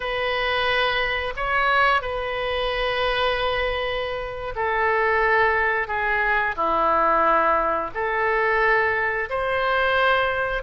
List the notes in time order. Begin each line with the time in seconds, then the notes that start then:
0.00 B4
1.36 C#5
2.01 B4
4.55 A4
5.87 G#4
6.56 E4
7.94 A4
9.29 C5